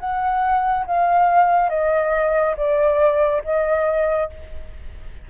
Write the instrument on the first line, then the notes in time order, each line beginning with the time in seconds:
flute
0.00 F#5
0.86 F5
1.70 D#5
2.57 D5
3.44 D#5